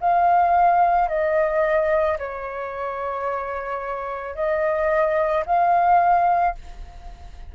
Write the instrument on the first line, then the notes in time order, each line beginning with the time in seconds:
flute
0.00 F5
1.08 D#5
2.18 C#5
4.35 D#5
5.46 F5